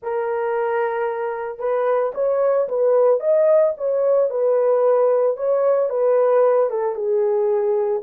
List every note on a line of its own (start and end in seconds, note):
0.02 1.59 A#4
1.59 2.12 B4
2.14 2.67 C#5
2.68 3.19 B4
3.19 3.73 D#5
3.77 4.30 C#5
4.30 5.36 B4
5.36 5.89 C#5
5.89 6.69 B4
6.70 6.95 A4
6.95 8.02 G#4